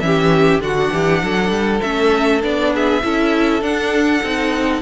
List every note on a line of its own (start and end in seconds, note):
0.00 0.59 E3
0.00 0.61 C#4
0.00 0.64 G4
0.00 0.60 E5
0.59 0.89 D3
0.59 1.81 D4
0.59 0.93 F#4
0.59 1.81 F#5
0.93 1.23 E3
0.93 1.23 G4
1.23 1.50 F#3
1.23 2.73 A4
1.50 1.80 G3
1.81 2.43 A3
1.81 2.42 C#4
1.81 2.41 E5
2.42 3.03 B3
2.42 3.02 D4
2.42 2.74 D5
2.73 3.03 G#4
2.73 3.63 E5
3.03 3.62 C#4
3.03 3.62 E4
3.03 4.82 A4
3.62 4.21 D4
3.62 4.22 D4
3.62 4.82 F#5
4.23 4.82 C4
4.23 4.82 D#4